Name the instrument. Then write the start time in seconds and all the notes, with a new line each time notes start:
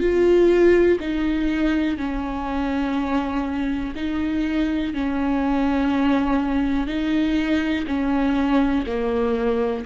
viola
0.00 F4
1.00 D#4
1.97 C#4
3.95 D#4
4.94 C#4
6.87 D#4
7.87 C#4
8.86 A#3